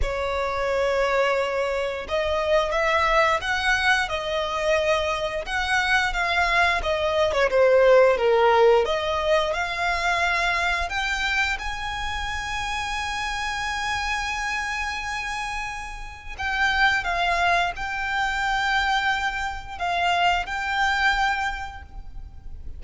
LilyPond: \new Staff \with { instrumentName = "violin" } { \time 4/4 \tempo 4 = 88 cis''2. dis''4 | e''4 fis''4 dis''2 | fis''4 f''4 dis''8. cis''16 c''4 | ais'4 dis''4 f''2 |
g''4 gis''2.~ | gis''1 | g''4 f''4 g''2~ | g''4 f''4 g''2 | }